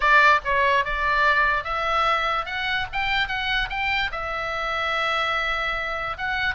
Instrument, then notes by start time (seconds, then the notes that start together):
oboe
0.00 D5
0.44 C#5
0.84 D5
1.64 E5
2.45 F#5
2.92 G5
3.27 F#5
3.69 G5
4.11 E5
6.17 F#5